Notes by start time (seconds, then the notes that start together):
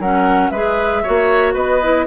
0.00 F#3 C#4 A#4 F#5
0.50 G#3 G#4 B4 E5
1.04 A#3 F#4 C#5
1.54 B3 B4 D#5
1.82 E4